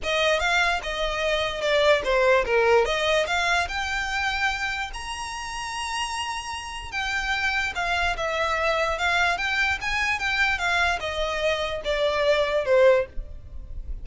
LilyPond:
\new Staff \with { instrumentName = "violin" } { \time 4/4 \tempo 4 = 147 dis''4 f''4 dis''2 | d''4 c''4 ais'4 dis''4 | f''4 g''2. | ais''1~ |
ais''4 g''2 f''4 | e''2 f''4 g''4 | gis''4 g''4 f''4 dis''4~ | dis''4 d''2 c''4 | }